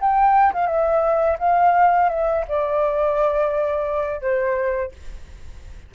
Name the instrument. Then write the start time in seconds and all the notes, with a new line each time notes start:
flute
0.00 G5
0.54 F5
0.67 E5
1.39 F5
2.10 E5
2.48 D5
4.21 C5